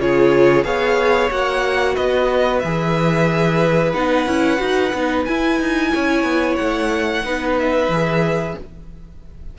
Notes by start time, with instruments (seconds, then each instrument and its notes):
0.00 cello C#3, viola F4, violin G#4 C#5
0.64 cello B3, viola G#4, violin C#5 F5
1.30 cello A#3, viola F#4, violin F#5
1.95 cello B3, violin B4 D#5
2.60 cello E3, viola G#4, violin E5
3.94 cello B3, viola D#4, violin F#5
4.27 cello C#4, viola E4
4.58 cello D#4, viola F#4
4.94 cello B3, viola D#4
5.25 viola E4, cello E4, violin G#5
5.60 cello D#4
5.94 cello C#4, violin C#5
6.23 cello B3
6.56 cello A3, violin F#5
7.24 cello B3, viola D#4, violin B4
7.60 violin E5
7.88 cello E3, viola G#4